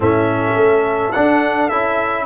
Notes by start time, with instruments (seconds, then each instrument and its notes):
0.00 tuba A2, trombone C#4, horn A4, trumpet E5
0.56 tuba A3
1.12 trombone D4, tuba D4, trumpet F#5
1.68 tuba C#4, trombone E4, trumpet E5